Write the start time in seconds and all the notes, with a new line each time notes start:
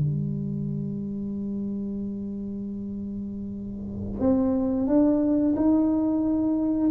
0.00 G3
4.20 C4
4.88 D4
5.56 D#4